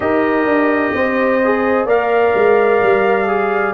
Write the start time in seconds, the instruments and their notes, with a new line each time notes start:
0.00 tuba D#4, trombone G4, horn A#4, trumpet D#5
0.45 tuba D4
0.93 tuba C4, horn C5
1.44 trombone G#4
1.85 tuba A#3, trombone A#4, horn D5, trumpet F5
2.35 tuba G#3
2.82 tuba G3
3.27 trombone G#4